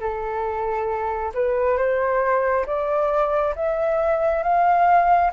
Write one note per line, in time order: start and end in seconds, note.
0.00 1.32 A4
1.34 1.77 B4
1.77 2.66 C5
2.66 3.54 D5
3.55 4.43 E5
4.43 5.31 F5